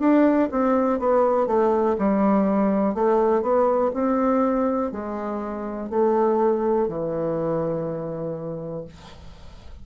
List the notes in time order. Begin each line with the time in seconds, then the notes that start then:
0.00 D4
0.51 C4
0.99 B3
1.47 A3
1.99 G3
2.95 A3
3.42 B3
3.94 C4
4.92 G#3
5.90 A3
6.89 E3